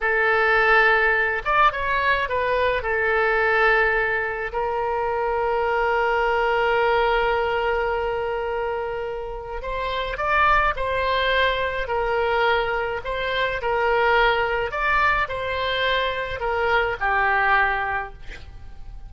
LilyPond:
\new Staff \with { instrumentName = "oboe" } { \time 4/4 \tempo 4 = 106 a'2~ a'8 d''8 cis''4 | b'4 a'2. | ais'1~ | ais'1~ |
ais'4 c''4 d''4 c''4~ | c''4 ais'2 c''4 | ais'2 d''4 c''4~ | c''4 ais'4 g'2 | }